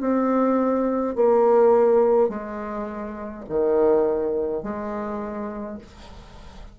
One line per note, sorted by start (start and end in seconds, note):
0.00 1.15 C4
1.15 2.29 A#3
2.29 3.44 G#3
3.49 4.63 D#3
4.63 5.78 G#3